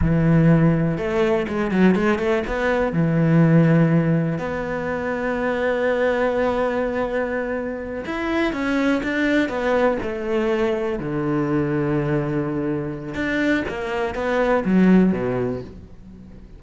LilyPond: \new Staff \with { instrumentName = "cello" } { \time 4/4 \tempo 4 = 123 e2 a4 gis8 fis8 | gis8 a8 b4 e2~ | e4 b2.~ | b1~ |
b8 e'4 cis'4 d'4 b8~ | b8 a2 d4.~ | d2. d'4 | ais4 b4 fis4 b,4 | }